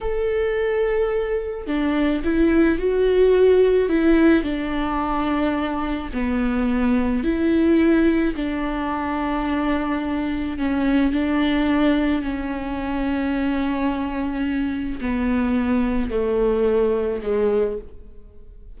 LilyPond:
\new Staff \with { instrumentName = "viola" } { \time 4/4 \tempo 4 = 108 a'2. d'4 | e'4 fis'2 e'4 | d'2. b4~ | b4 e'2 d'4~ |
d'2. cis'4 | d'2 cis'2~ | cis'2. b4~ | b4 a2 gis4 | }